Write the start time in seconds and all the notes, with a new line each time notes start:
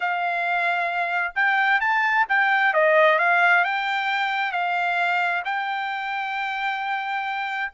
0.00 F5
1.35 G5
1.80 A5
2.28 G5
2.73 D#5
3.19 F5
3.64 G5
4.52 F5
5.44 G5